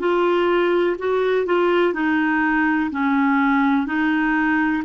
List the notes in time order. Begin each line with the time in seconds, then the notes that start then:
0.00 F4
0.99 F#4
1.46 F4
1.94 D#4
2.92 C#4
3.87 D#4